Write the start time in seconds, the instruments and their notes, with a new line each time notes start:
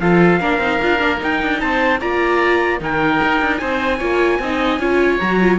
0.00 cello F3, viola F4, oboe A4, trumpet F5
0.41 cello A#3, viola D4, oboe A#4
0.59 cello C4, viola D#4
0.81 cello D4, viola F4
0.99 cello A#3, viola D4
1.18 viola D#4, cello D#4, trumpet G5
1.43 cello D4
1.61 cello C4, oboe C5, trumpet A5
2.01 cello A#3, viola F4, oboe D5, trumpet A#5
2.79 cello D#3, viola D#4, oboe A#4, trumpet G5
3.24 cello D#4
3.41 cello D4
3.57 cello C4, oboe C5, trumpet G#5
3.98 cello A#3, viola F4, oboe C#5
4.39 cello C4, viola D#4, oboe D#5
4.79 cello C#4, viola F4, oboe C#5
5.19 cello F#3, viola F#4, trumpet A#5
5.41 viola F4